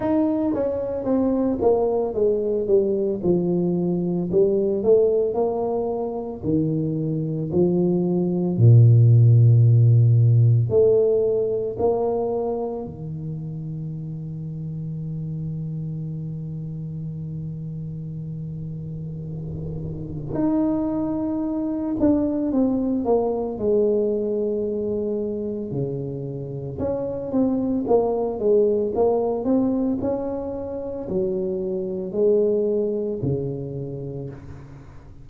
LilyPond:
\new Staff \with { instrumentName = "tuba" } { \time 4/4 \tempo 4 = 56 dis'8 cis'8 c'8 ais8 gis8 g8 f4 | g8 a8 ais4 dis4 f4 | ais,2 a4 ais4 | dis1~ |
dis2. dis'4~ | dis'8 d'8 c'8 ais8 gis2 | cis4 cis'8 c'8 ais8 gis8 ais8 c'8 | cis'4 fis4 gis4 cis4 | }